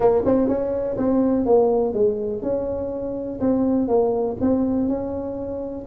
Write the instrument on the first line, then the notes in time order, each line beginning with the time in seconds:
tuba
0.00 A#3
0.25 C4
0.47 C#4
0.97 C4
1.45 A#3
1.93 G#3
2.42 C#4
3.40 C4
3.88 A#3
4.41 C4
4.88 C#4